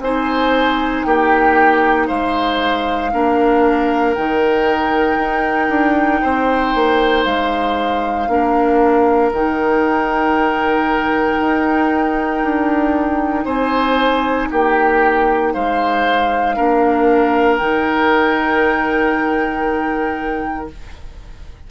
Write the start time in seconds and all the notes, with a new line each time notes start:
0.00 C4 D#4 C5 G#5
1.04 A#3 G4 G5
2.07 G#3 C5 F5
3.12 A#3 D4 A#4
4.13 D#3 D#4 G5
5.17 D#4
5.69 D4
6.22 C4 C5
6.75 A#3
7.24 G#3 F5
8.28 A#3 D4 A#4
9.32 D#3 D#4 G5
11.40 D#4
12.43 D4
13.45 C4 C5 G#5
14.50 A#3 G4 G5
15.52 G#3 C5 F5
16.56 A#3 D4 A#4
17.57 D#3 D#4 G5